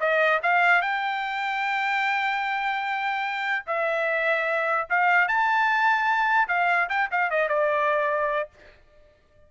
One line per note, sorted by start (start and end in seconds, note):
0.00 0.41 D#5
0.43 0.82 F5
0.82 3.66 G5
3.66 4.88 E5
4.90 5.28 F5
5.28 6.48 A5
6.48 6.89 F5
6.89 7.10 G5
7.11 7.30 F5
7.30 7.49 D#5
7.49 8.50 D5